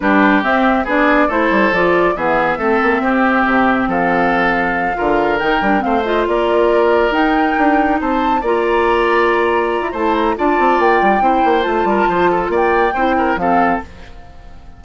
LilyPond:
<<
  \new Staff \with { instrumentName = "flute" } { \time 4/4 \tempo 4 = 139 b'4 e''4 d''4 c''4 | d''4 e''2.~ | e''4 f''2.~ | f''8 g''4 f''8 dis''8 d''4.~ |
d''8 g''2 a''4 ais''8~ | ais''2. a''8 ais''8 | a''4 g''2 a''4~ | a''4 g''2 f''4 | }
  \new Staff \with { instrumentName = "oboe" } { \time 4/4 g'2 gis'4 a'4~ | a'4 gis'4 a'4 g'4~ | g'4 a'2~ a'8 ais'8~ | ais'4. c''4 ais'4.~ |
ais'2~ ais'8 c''4 d''8~ | d''2. c''4 | d''2 c''4. ais'8 | c''8 a'8 d''4 c''8 ais'8 a'4 | }
  \new Staff \with { instrumentName = "clarinet" } { \time 4/4 d'4 c'4 d'4 e'4 | f'4 b4 c'2~ | c'2.~ c'8 f'8~ | f'8 dis'8 d'8 c'8 f'2~ |
f'8 dis'2. f'8~ | f'2. e'4 | f'2 e'4 f'4~ | f'2 e'4 c'4 | }
  \new Staff \with { instrumentName = "bassoon" } { \time 4/4 g4 c'4 b4 a8 g8 | f4 e4 a8 ais8 c'4 | c4 f2~ f8 d8~ | d8 dis8 g8 a4 ais4.~ |
ais8 dis'4 d'4 c'4 ais8~ | ais2~ ais8. e'16 a4 | d'8 c'8 ais8 g8 c'8 ais8 a8 g8 | f4 ais4 c'4 f4 | }
>>